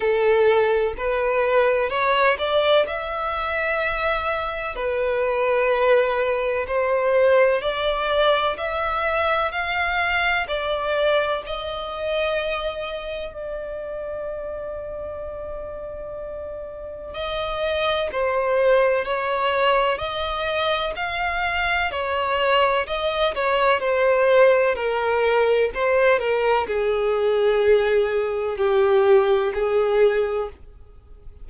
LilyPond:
\new Staff \with { instrumentName = "violin" } { \time 4/4 \tempo 4 = 63 a'4 b'4 cis''8 d''8 e''4~ | e''4 b'2 c''4 | d''4 e''4 f''4 d''4 | dis''2 d''2~ |
d''2 dis''4 c''4 | cis''4 dis''4 f''4 cis''4 | dis''8 cis''8 c''4 ais'4 c''8 ais'8 | gis'2 g'4 gis'4 | }